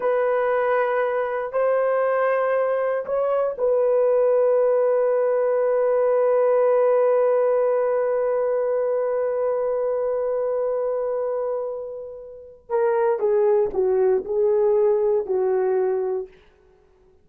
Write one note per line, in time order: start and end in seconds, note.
0.00 1.52 B4
1.52 3.05 C5
3.05 3.56 C#5
3.57 12.69 B4
12.69 13.19 A#4
13.19 13.70 G#4
13.73 14.24 F#4
14.24 15.26 G#4
15.26 16.27 F#4